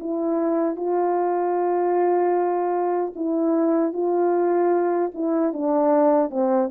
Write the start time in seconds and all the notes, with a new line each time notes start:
0.00 E4
0.76 F4
3.15 E4
3.93 F4
5.14 E4
5.53 D4
6.31 C4